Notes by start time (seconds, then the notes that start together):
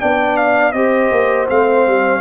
0.00 B3 D4 D5 G5
0.37 F5
0.73 C4 G4 C5 D#5
1.12 A#3
1.49 A3 C4 F5
1.87 G3